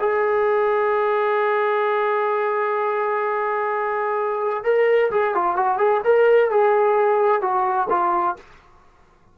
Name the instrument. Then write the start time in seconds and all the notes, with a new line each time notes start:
trombone
0.00 G#4
4.64 A#4
5.11 G#4
5.35 F4
5.56 F#4
5.78 G#4
6.04 A#4
6.51 G#4
7.41 F#4
7.90 F4